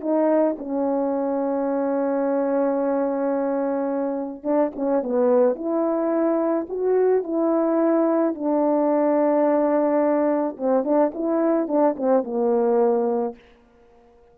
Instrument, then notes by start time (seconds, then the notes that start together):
horn
0.00 D#4
0.58 C#4
4.43 D4
4.75 C#4
5.02 B3
5.55 E4
6.69 F#4
7.23 E4
8.34 D4
10.57 C4
10.84 D4
11.14 E4
11.67 D4
11.96 C4
12.23 A#3